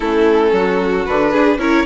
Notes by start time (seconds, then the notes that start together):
0.00 A3 C#4 E4 A4
0.52 F#3 F#4
1.05 D3 D4 B4
1.31 D4 G#4
1.57 C#4 E4 A#4 C#5